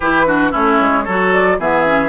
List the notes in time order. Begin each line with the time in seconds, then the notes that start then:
0.00 E3 E4 G4 B4
0.26 D4 F#4
0.51 A3 C#4 E4 C#5
0.80 G#3
1.04 F#3 F#4 A4
1.32 D5
1.58 E3 B3 G#4 E5
1.86 C#4